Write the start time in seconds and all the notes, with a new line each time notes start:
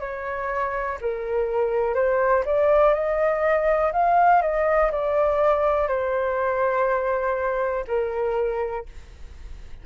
0.00 C#5
1.01 A#4
1.95 C5
2.46 D5
2.94 D#5
3.93 F5
4.42 D#5
4.92 D5
5.88 C5
7.88 A#4